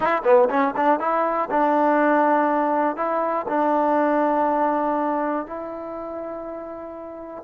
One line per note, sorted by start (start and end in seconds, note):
0.00 0.22 E4
0.23 0.48 B3
0.49 0.74 C#4
0.76 0.99 D4
0.99 1.49 E4
1.50 2.96 D4
2.96 3.46 E4
3.48 5.46 D4
5.46 7.43 E4